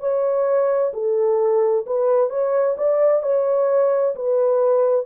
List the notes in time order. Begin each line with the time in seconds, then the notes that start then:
0.00 C#5
0.93 A4
1.86 B4
2.30 C#5
2.77 D5
3.23 C#5
4.15 B4